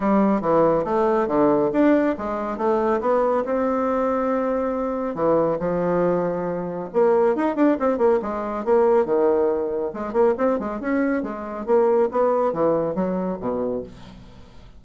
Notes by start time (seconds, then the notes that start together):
0.00 G3
0.41 E3
0.84 A3
1.27 D3
1.72 D4
2.18 G#3
2.57 A3
3.01 B3
3.45 C4
5.14 E3
5.59 F3
6.93 A#3
7.35 D#4
7.55 D4
7.79 C4
7.97 A#3
8.22 G#3
8.64 A#3
9.05 D#3
9.93 G#3
10.12 A#3
10.37 C4
10.59 G#3
10.80 C#4
11.22 G#3
11.65 A#3
12.11 B3
12.52 E3
12.94 F#3
13.40 B2